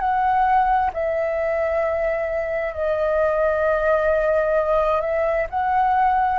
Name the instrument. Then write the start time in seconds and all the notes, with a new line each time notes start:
flute
0.00 F#5
0.93 E5
2.74 D#5
5.02 E5
5.50 F#5